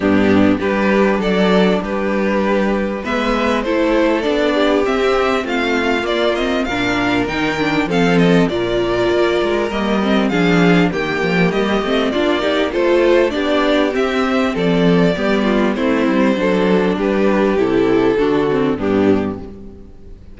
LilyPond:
<<
  \new Staff \with { instrumentName = "violin" } { \time 4/4 \tempo 4 = 99 g'4 b'4 d''4 b'4~ | b'4 e''4 c''4 d''4 | e''4 f''4 d''8 dis''8 f''4 | g''4 f''8 dis''8 d''2 |
dis''4 f''4 g''4 dis''4 | d''4 c''4 d''4 e''4 | d''2 c''2 | b'4 a'2 g'4 | }
  \new Staff \with { instrumentName = "violin" } { \time 4/4 d'4 g'4 a'4 g'4~ | g'4 b'4 a'4. g'8~ | g'4 f'2 ais'4~ | ais'4 a'4 ais'2~ |
ais'4 gis'4 g'2 | f'8 g'8 a'4 g'2 | a'4 g'8 f'8 e'4 a'4 | g'2 fis'4 d'4 | }
  \new Staff \with { instrumentName = "viola" } { \time 4/4 b4 d'2.~ | d'4 b4 e'4 d'4 | c'2 ais8 c'8 d'4 | dis'8 d'8 c'4 f'2 |
ais8 c'8 d'4 ais4. c'8 | d'8 dis'8 f'4 d'4 c'4~ | c'4 b4 c'4 d'4~ | d'4 e'4 d'8 c'8 b4 | }
  \new Staff \with { instrumentName = "cello" } { \time 4/4 g,4 g4 fis4 g4~ | g4 gis4 a4 b4 | c'4 a4 ais4 ais,4 | dis4 f4 ais,4 ais8 gis8 |
g4 f4 dis8 f8 g8 a8 | ais4 a4 b4 c'4 | f4 g4 a8 g8 fis4 | g4 c4 d4 g,4 | }
>>